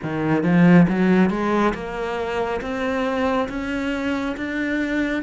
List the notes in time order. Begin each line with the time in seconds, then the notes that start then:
0.02 D#3
0.43 F3
0.88 F#3
1.30 G#3
1.74 A#3
2.61 C4
3.49 C#4
4.36 D4